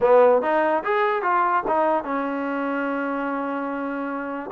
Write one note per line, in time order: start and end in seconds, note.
0.00 0.41 B3
0.41 0.83 D#4
0.84 1.22 G#4
1.22 1.63 F4
1.67 2.04 D#4
2.04 4.50 C#4